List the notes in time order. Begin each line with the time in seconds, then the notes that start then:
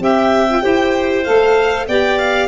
0.00 C4 G4 E5 G5
0.49 F4
0.61 E4 G4 C5
1.24 A3 A4 F5
1.88 B3 G4 D5 G5
2.19 F5